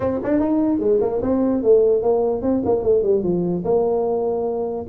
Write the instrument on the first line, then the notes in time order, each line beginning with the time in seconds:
tuba
0.00 C4
0.23 D4
0.39 D#4
0.79 G#3
1.00 A#3
1.22 C4
1.63 A3
2.02 A#3
2.42 C4
2.65 A#3
2.82 A3
3.02 G3
3.23 F3
3.64 A#3